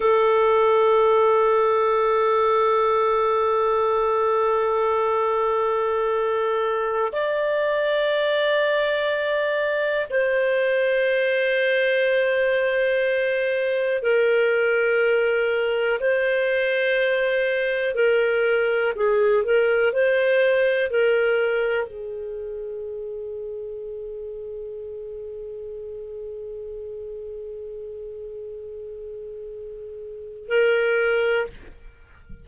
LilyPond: \new Staff \with { instrumentName = "clarinet" } { \time 4/4 \tempo 4 = 61 a'1~ | a'2.~ a'16 d''8.~ | d''2~ d''16 c''4.~ c''16~ | c''2~ c''16 ais'4.~ ais'16~ |
ais'16 c''2 ais'4 gis'8 ais'16~ | ais'16 c''4 ais'4 gis'4.~ gis'16~ | gis'1~ | gis'2. ais'4 | }